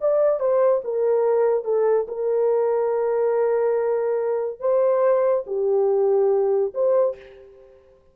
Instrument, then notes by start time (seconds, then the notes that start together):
horn
0.00 D5
0.39 C5
0.84 A#4
1.64 A4
2.07 A#4
4.59 C5
5.46 G4
6.74 C5